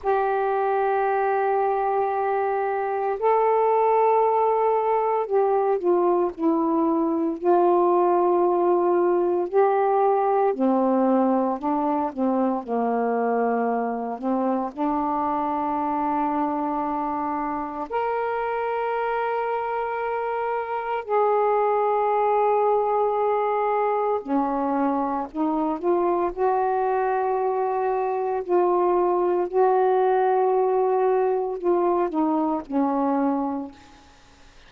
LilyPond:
\new Staff \with { instrumentName = "saxophone" } { \time 4/4 \tempo 4 = 57 g'2. a'4~ | a'4 g'8 f'8 e'4 f'4~ | f'4 g'4 c'4 d'8 c'8 | ais4. c'8 d'2~ |
d'4 ais'2. | gis'2. cis'4 | dis'8 f'8 fis'2 f'4 | fis'2 f'8 dis'8 cis'4 | }